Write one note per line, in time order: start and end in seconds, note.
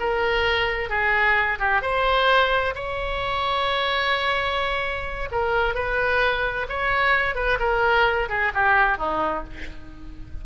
0.00 0.90 A#4
0.90 1.59 G#4
1.59 1.82 G4
1.82 2.74 C5
2.75 5.29 C#5
5.32 5.75 A#4
5.75 6.67 B4
6.69 7.35 C#5
7.35 7.58 B4
7.60 8.29 A#4
8.29 8.52 G#4
8.54 8.98 G4
8.98 9.44 D#4